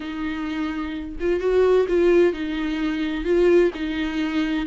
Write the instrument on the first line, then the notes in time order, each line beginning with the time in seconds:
viola
0.00 D#4
1.19 F4
1.40 F#4
1.88 F4
2.33 D#4
3.24 F4
3.74 D#4